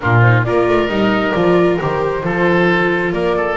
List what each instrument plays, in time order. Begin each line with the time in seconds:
0.00 double bass A#2, viola D4, oboe F4, flute A#4
0.20 viola D#4, flute C5
0.43 double bass A#3, viola F4, oboe A#4, flute D5
0.68 double bass A3
0.87 double bass G3, viola D#4, flute D#5
1.32 double bass F3, viola F4, flute D5
1.80 double bass D#3, viola G4, flute C5
2.22 double bass F3, viola F4, oboe A4
3.12 double bass A#3, oboe A#4, flute D5
3.37 oboe A4